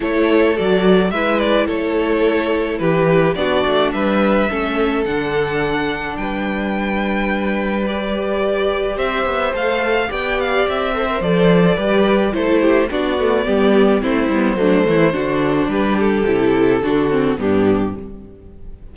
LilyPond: <<
  \new Staff \with { instrumentName = "violin" } { \time 4/4 \tempo 4 = 107 cis''4 d''4 e''8 d''8 cis''4~ | cis''4 b'4 d''4 e''4~ | e''4 fis''2 g''4~ | g''2 d''2 |
e''4 f''4 g''8 f''8 e''4 | d''2 c''4 d''4~ | d''4 c''2. | b'8 a'2~ a'8 g'4 | }
  \new Staff \with { instrumentName = "violin" } { \time 4/4 a'2 b'4 a'4~ | a'4 g'4 fis'4 b'4 | a'2. b'4~ | b'1 |
c''2 d''4. c''8~ | c''4 b'4 a'8 g'8 fis'4 | g'4 e'4 d'8 e'8 fis'4 | g'2 fis'4 d'4 | }
  \new Staff \with { instrumentName = "viola" } { \time 4/4 e'4 fis'4 e'2~ | e'2 d'2 | cis'4 d'2.~ | d'2 g'2~ |
g'4 a'4 g'4. a'16 ais'16 | a'4 g'4 e'4 d'8 a8 | b4 c'8 b8 a4 d'4~ | d'4 e'4 d'8 c'8 b4 | }
  \new Staff \with { instrumentName = "cello" } { \time 4/4 a4 fis4 gis4 a4~ | a4 e4 b8 a8 g4 | a4 d2 g4~ | g1 |
c'8 b8 a4 b4 c'4 | f4 g4 a4 b4 | g4 a8 g8 fis8 e8 d4 | g4 c4 d4 g,4 | }
>>